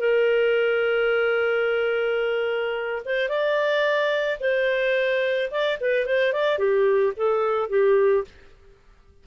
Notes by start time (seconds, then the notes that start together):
0.00 A#4
3.06 C5
3.29 D5
4.40 C5
5.51 D5
5.81 B4
6.06 C5
6.33 D5
6.59 G4
7.17 A4
7.70 G4